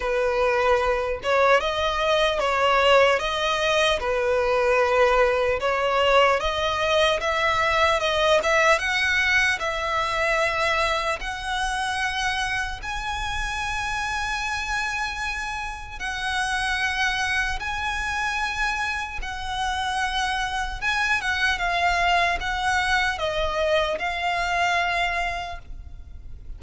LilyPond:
\new Staff \with { instrumentName = "violin" } { \time 4/4 \tempo 4 = 75 b'4. cis''8 dis''4 cis''4 | dis''4 b'2 cis''4 | dis''4 e''4 dis''8 e''8 fis''4 | e''2 fis''2 |
gis''1 | fis''2 gis''2 | fis''2 gis''8 fis''8 f''4 | fis''4 dis''4 f''2 | }